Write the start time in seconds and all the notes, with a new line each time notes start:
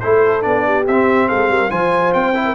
0.00 A3 E4 A4 C5
0.42 B3 D4 D5
0.66 G4
0.87 C4 E5
1.29 G#3 A4 F5
1.49 G3 A#4
1.70 F3 F4 C5 G#5
2.14 C4 G5
2.35 E4
2.45 A#4